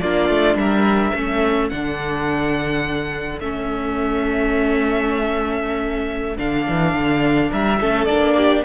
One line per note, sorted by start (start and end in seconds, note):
0.00 0.30 A#3
0.00 1.16 D4
0.00 0.58 F4
0.00 0.57 D5
0.30 0.55 A3
0.55 1.12 G3
0.55 1.16 A#4
0.55 1.70 E5
1.15 1.71 A3
1.15 1.72 C#4
1.15 7.51 A4
1.70 3.41 D3
1.70 3.42 D4
1.70 3.40 F#5
3.41 6.38 A3
3.41 6.38 C#4
3.41 6.38 E5
6.38 6.68 D3
6.38 7.79 D4
6.38 7.52 F5
6.69 6.94 E3
6.94 7.51 D3
7.51 7.81 G3
7.51 7.80 A#4
7.51 8.05 E5
7.81 8.07 A3
7.81 8.09 C#4
7.81 8.37 A4
8.05 8.63 A#3
8.05 8.65 D4
8.05 8.62 D5
8.37 8.65 G4